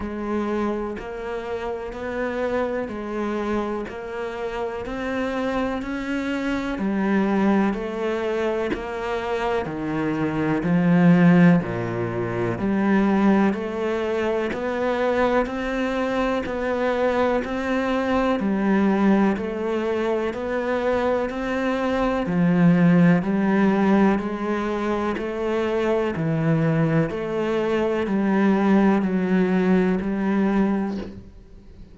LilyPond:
\new Staff \with { instrumentName = "cello" } { \time 4/4 \tempo 4 = 62 gis4 ais4 b4 gis4 | ais4 c'4 cis'4 g4 | a4 ais4 dis4 f4 | ais,4 g4 a4 b4 |
c'4 b4 c'4 g4 | a4 b4 c'4 f4 | g4 gis4 a4 e4 | a4 g4 fis4 g4 | }